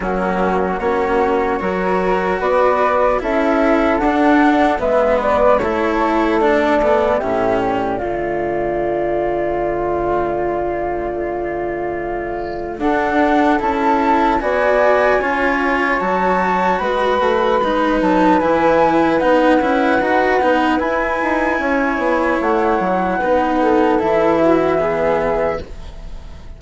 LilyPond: <<
  \new Staff \with { instrumentName = "flute" } { \time 4/4 \tempo 4 = 75 fis'4 cis''2 d''4 | e''4 fis''4 e''8 d''8 cis''4 | d''4 e''8 d''2~ d''8~ | d''1 |
fis''4 a''4 gis''2 | a''4 b''4. a''8 gis''4 | fis''2 gis''2 | fis''2 e''2 | }
  \new Staff \with { instrumentName = "flute" } { \time 4/4 cis'4 fis'4 ais'4 b'4 | a'2 b'4 a'4~ | a'4 g'4 f'2~ | f'1 |
a'2 d''4 cis''4~ | cis''4 b'2.~ | b'2. cis''4~ | cis''4 b'8 a'4 fis'8 gis'4 | }
  \new Staff \with { instrumentName = "cello" } { \time 4/4 ais4 cis'4 fis'2 | e'4 d'4 b4 e'4 | d'8 b8 cis'4 a2~ | a1 |
d'4 e'4 fis'4 f'4 | fis'2 dis'4 e'4 | dis'8 e'8 fis'8 dis'8 e'2~ | e'4 dis'4 e'4 b4 | }
  \new Staff \with { instrumentName = "bassoon" } { \time 4/4 fis4 ais4 fis4 b4 | cis'4 d'4 gis4 a4~ | a4 a,4 d2~ | d1 |
d'4 cis'4 b4 cis'4 | fis4 gis8 a8 gis8 fis8 e4 | b8 cis'8 dis'8 b8 e'8 dis'8 cis'8 b8 | a8 fis8 b4 e2 | }
>>